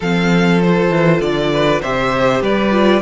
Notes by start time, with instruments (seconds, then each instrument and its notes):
0.00 cello F3, viola C4, violin A4 F5
0.61 viola F4, violin C5
0.89 cello E3
1.20 cello D3, violin D5
1.52 violin B4
1.81 cello C3, viola G4, violin C5 E5
2.41 cello G3, violin B4 D5
2.71 viola F4